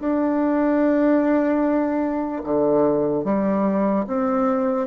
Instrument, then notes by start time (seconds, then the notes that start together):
bassoon
0.00 D4
2.44 D3
3.25 G3
4.08 C4